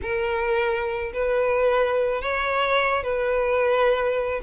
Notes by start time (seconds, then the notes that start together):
0.02 A#4
1.13 B4
2.21 C#5
3.03 B4